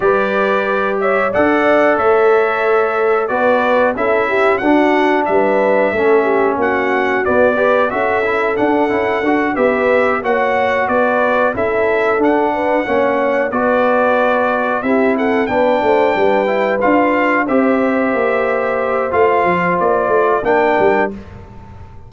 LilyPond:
<<
  \new Staff \with { instrumentName = "trumpet" } { \time 4/4 \tempo 4 = 91 d''4. e''8 fis''4 e''4~ | e''4 d''4 e''4 fis''4 | e''2 fis''4 d''4 | e''4 fis''4. e''4 fis''8~ |
fis''8 d''4 e''4 fis''4.~ | fis''8 d''2 e''8 fis''8 g''8~ | g''4. f''4 e''4.~ | e''4 f''4 d''4 g''4 | }
  \new Staff \with { instrumentName = "horn" } { \time 4/4 b'4. cis''8 d''4 cis''4~ | cis''4 b'4 a'8 g'8 fis'4 | b'4 a'8 g'8 fis'4. b'8 | a'2~ a'8 b'4 cis''8~ |
cis''8 b'4 a'4. b'8 cis''8~ | cis''8 b'2 g'8 a'8 b'8 | c''8 b'2 c''4.~ | c''2. ais'4 | }
  \new Staff \with { instrumentName = "trombone" } { \time 4/4 g'2 a'2~ | a'4 fis'4 e'4 d'4~ | d'4 cis'2 b8 g'8 | fis'8 e'8 d'8 e'8 fis'8 g'4 fis'8~ |
fis'4. e'4 d'4 cis'8~ | cis'8 fis'2 e'4 d'8~ | d'4 e'8 f'4 g'4.~ | g'4 f'2 d'4 | }
  \new Staff \with { instrumentName = "tuba" } { \time 4/4 g2 d'4 a4~ | a4 b4 cis'4 d'4 | g4 a4 ais4 b4 | cis'4 d'8 cis'8 d'8 b4 ais8~ |
ais8 b4 cis'4 d'4 ais8~ | ais8 b2 c'4 b8 | a8 g4 d'4 c'4 ais8~ | ais4 a8 f8 ais8 a8 ais8 g8 | }
>>